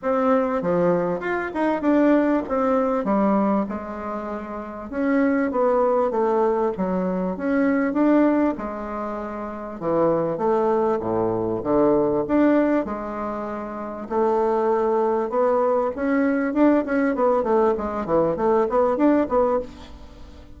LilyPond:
\new Staff \with { instrumentName = "bassoon" } { \time 4/4 \tempo 4 = 98 c'4 f4 f'8 dis'8 d'4 | c'4 g4 gis2 | cis'4 b4 a4 fis4 | cis'4 d'4 gis2 |
e4 a4 a,4 d4 | d'4 gis2 a4~ | a4 b4 cis'4 d'8 cis'8 | b8 a8 gis8 e8 a8 b8 d'8 b8 | }